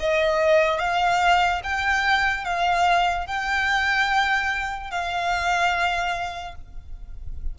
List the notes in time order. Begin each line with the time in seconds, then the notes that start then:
0.00 D#5
0.79 F5
1.64 G5
2.45 F5
3.27 G5
4.91 F5